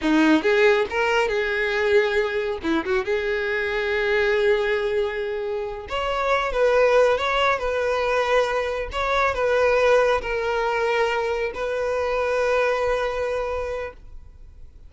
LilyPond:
\new Staff \with { instrumentName = "violin" } { \time 4/4 \tempo 4 = 138 dis'4 gis'4 ais'4 gis'4~ | gis'2 e'8 fis'8 gis'4~ | gis'1~ | gis'4. cis''4. b'4~ |
b'8 cis''4 b'2~ b'8~ | b'8 cis''4 b'2 ais'8~ | ais'2~ ais'8 b'4.~ | b'1 | }